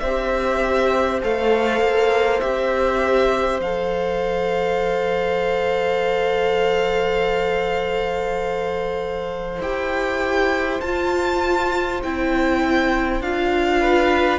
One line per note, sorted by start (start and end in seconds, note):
0.00 1.22 C4
0.00 1.22 G4
0.00 13.81 C5
0.00 1.20 E5
1.22 1.81 A3
1.22 2.41 A4
1.22 2.40 F5
1.81 2.41 A#3
2.40 3.60 C4
2.40 3.61 G4
2.40 3.60 E5
3.60 9.60 F3
3.60 9.62 A4
3.60 9.62 F5
9.60 10.80 E4
9.60 10.82 G4
9.60 10.81 G5
10.81 12.02 F4
10.81 12.03 F4
10.81 12.01 A5
12.03 13.21 C4
12.03 13.23 E4
12.03 13.22 G5
13.21 14.39 D4
13.21 14.39 F4
13.21 14.39 F5
13.81 14.39 B4